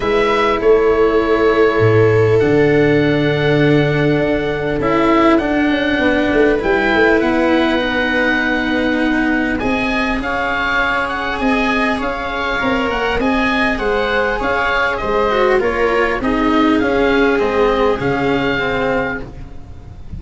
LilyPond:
<<
  \new Staff \with { instrumentName = "oboe" } { \time 4/4 \tempo 4 = 100 e''4 cis''2. | fis''1 | e''4 fis''2 g''4 | fis''1 |
gis''4 f''4. fis''8 gis''4 | f''4. fis''8 gis''4 fis''4 | f''4 dis''4 cis''4 dis''4 | f''4 dis''4 f''2 | }
  \new Staff \with { instrumentName = "viola" } { \time 4/4 b'4 a'2.~ | a'1~ | a'2 b'2~ | b'1 |
dis''4 cis''2 dis''4 | cis''2 dis''4 c''4 | cis''4 c''4 ais'4 gis'4~ | gis'1 | }
  \new Staff \with { instrumentName = "cello" } { \time 4/4 e'1 | d'1 | e'4 d'2 e'4~ | e'4 dis'2. |
gis'1~ | gis'4 ais'4 gis'2~ | gis'4. fis'8 f'4 dis'4 | cis'4 c'4 cis'4 c'4 | }
  \new Staff \with { instrumentName = "tuba" } { \time 4/4 gis4 a2 a,4 | d2. d'4 | cis'4 d'8 cis'8 b8 a8 g8 a8 | b1 |
c'4 cis'2 c'4 | cis'4 c'8 ais8 c'4 gis4 | cis'4 gis4 ais4 c'4 | cis'4 gis4 cis2 | }
>>